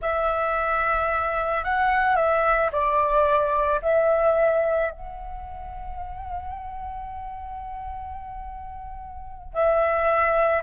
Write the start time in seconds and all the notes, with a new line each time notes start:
0.01 E5
1.63 F#5
2.15 E5
2.71 D5
3.82 E5
4.91 F#5
9.53 E5